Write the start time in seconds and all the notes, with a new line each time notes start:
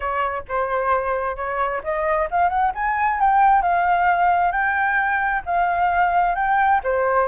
0.00 C#5
0.48 C5
1.36 C#5
1.83 D#5
2.30 F5
2.49 F#5
2.75 G#5
3.19 G5
3.62 F5
4.51 G5
5.45 F5
6.35 G5
6.83 C5